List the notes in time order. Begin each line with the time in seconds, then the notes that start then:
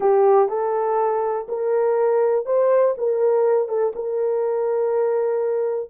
0.00 G4
0.48 A4
1.48 A#4
2.45 C5
2.97 A#4
3.68 A4
3.95 A#4